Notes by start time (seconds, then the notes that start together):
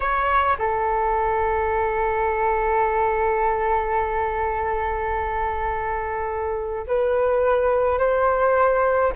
0.00 C#5
0.58 A4
6.87 B4
7.98 C5